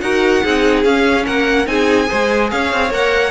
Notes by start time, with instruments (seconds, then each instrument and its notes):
0.00 cello D#4, viola F#4, violin A#4 F#5
0.44 cello C4, viola D#4, violin G#4
0.84 cello C#4, viola C#4, violin F5
1.24 cello A#3, violin A#4 F#5
1.66 cello C4, viola D#4, violin G#4 G#5
2.06 cello G#3, viola G#4, violin C5
2.50 cello C#4, violin C#5 F5
2.73 cello C4
2.90 cello A#3, viola A#4, violin F#5